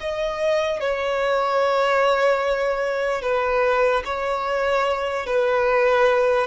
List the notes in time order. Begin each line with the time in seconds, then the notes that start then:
0.00 D#5
0.80 C#5
3.22 B4
4.05 C#5
5.26 B4